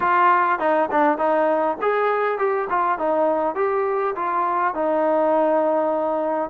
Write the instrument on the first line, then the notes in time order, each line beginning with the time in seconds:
trombone
0.00 F4
0.59 D#4
0.91 D4
1.17 D#4
1.81 G#4
2.38 G4
2.69 F4
2.98 D#4
3.55 G4
4.15 F4
4.74 D#4